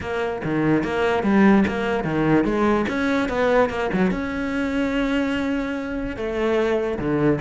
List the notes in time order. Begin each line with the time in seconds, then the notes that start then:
0.00 A#3
0.44 D#3
0.83 A#3
1.23 G3
1.67 A#3
2.04 D#3
2.44 G#3
2.88 C#4
3.28 B3
3.69 A#3
3.93 F#3
4.11 C#4
6.16 A3
6.98 D3